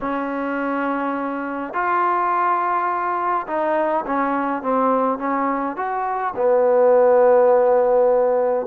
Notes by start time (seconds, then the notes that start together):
0.00 C#4
1.73 F4
3.47 D#4
4.06 C#4
4.62 C4
5.18 C#4
5.76 F#4
6.36 B3